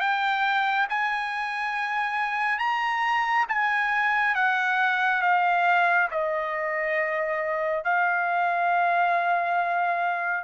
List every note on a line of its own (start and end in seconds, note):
0.00 0.87 G5
0.89 2.59 G#5
2.59 3.46 A#5
3.49 4.35 G#5
4.35 5.22 F#5
5.22 6.09 F5
6.11 7.84 D#5
7.84 10.44 F5